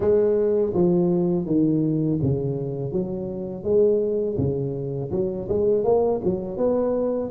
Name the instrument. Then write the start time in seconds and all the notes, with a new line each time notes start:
tuba
0.00 G#3
0.74 F3
1.46 D#3
2.22 C#3
2.92 F#3
3.63 G#3
4.37 C#3
5.11 F#3
5.48 G#3
5.84 A#3
6.24 F#3
6.57 B3